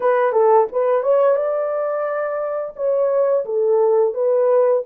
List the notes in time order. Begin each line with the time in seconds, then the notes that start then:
0.00 B4
0.32 A4
0.71 B4
1.02 C#5
1.36 D5
2.76 C#5
3.45 A4
4.14 B4